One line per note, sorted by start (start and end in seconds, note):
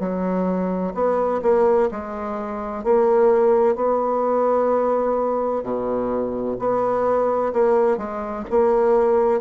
0.00 0.94 F#3
0.95 1.41 B3
1.43 1.90 A#3
1.91 2.84 G#3
2.84 3.76 A#3
3.76 5.63 B3
5.63 6.57 B2
6.59 7.53 B3
7.53 7.98 A#3
7.98 8.45 G#3
8.51 9.41 A#3